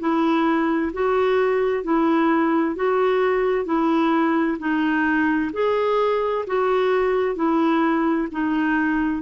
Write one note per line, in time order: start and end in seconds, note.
0.00 0.92 E4
0.94 1.84 F#4
1.84 2.76 E4
2.76 3.65 F#4
3.65 4.58 E4
4.59 5.51 D#4
5.53 6.45 G#4
6.47 7.36 F#4
7.36 8.28 E4
8.32 9.22 D#4